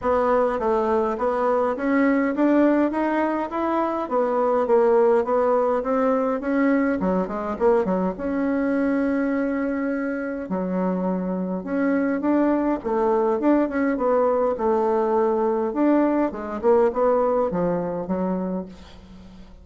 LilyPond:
\new Staff \with { instrumentName = "bassoon" } { \time 4/4 \tempo 4 = 103 b4 a4 b4 cis'4 | d'4 dis'4 e'4 b4 | ais4 b4 c'4 cis'4 | fis8 gis8 ais8 fis8 cis'2~ |
cis'2 fis2 | cis'4 d'4 a4 d'8 cis'8 | b4 a2 d'4 | gis8 ais8 b4 f4 fis4 | }